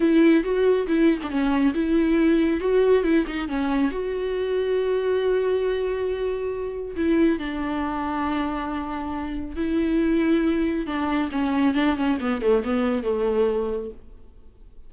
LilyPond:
\new Staff \with { instrumentName = "viola" } { \time 4/4 \tempo 4 = 138 e'4 fis'4 e'8. d'16 cis'4 | e'2 fis'4 e'8 dis'8 | cis'4 fis'2.~ | fis'1 |
e'4 d'2.~ | d'2 e'2~ | e'4 d'4 cis'4 d'8 cis'8 | b8 a8 b4 a2 | }